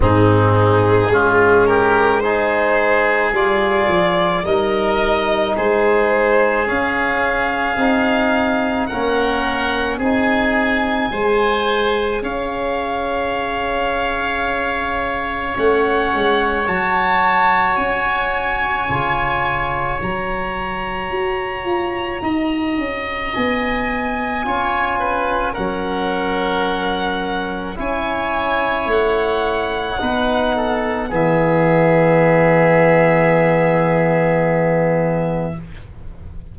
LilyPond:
<<
  \new Staff \with { instrumentName = "violin" } { \time 4/4 \tempo 4 = 54 gis'4. ais'8 c''4 d''4 | dis''4 c''4 f''2 | fis''4 gis''2 f''4~ | f''2 fis''4 a''4 |
gis''2 ais''2~ | ais''4 gis''2 fis''4~ | fis''4 gis''4 fis''2 | e''1 | }
  \new Staff \with { instrumentName = "oboe" } { \time 4/4 dis'4 f'8 g'8 gis'2 | ais'4 gis'2. | ais'4 gis'4 c''4 cis''4~ | cis''1~ |
cis''1 | dis''2 cis''8 b'8 ais'4~ | ais'4 cis''2 b'8 a'8 | gis'1 | }
  \new Staff \with { instrumentName = "trombone" } { \time 4/4 c'4 cis'4 dis'4 f'4 | dis'2 cis'4 dis'4 | cis'4 dis'4 gis'2~ | gis'2 cis'4 fis'4~ |
fis'4 f'4 fis'2~ | fis'2 f'4 cis'4~ | cis'4 e'2 dis'4 | b1 | }
  \new Staff \with { instrumentName = "tuba" } { \time 4/4 gis,4 gis2 g8 f8 | g4 gis4 cis'4 c'4 | ais4 c'4 gis4 cis'4~ | cis'2 a8 gis8 fis4 |
cis'4 cis4 fis4 fis'8 f'8 | dis'8 cis'8 b4 cis'4 fis4~ | fis4 cis'4 a4 b4 | e1 | }
>>